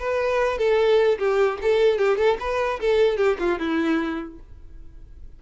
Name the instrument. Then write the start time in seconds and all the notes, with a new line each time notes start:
violin
0.00 B4
0.59 A4
1.19 G4
1.62 A4
1.99 G4
2.18 A4
2.40 B4
2.81 A4
3.17 G4
3.40 F4
3.59 E4